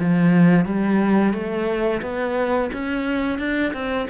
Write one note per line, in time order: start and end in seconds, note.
0.00 0.65 F3
0.65 1.33 G3
1.33 2.01 A3
2.02 2.70 B3
2.73 3.38 C#4
3.38 3.73 D4
3.73 4.08 C4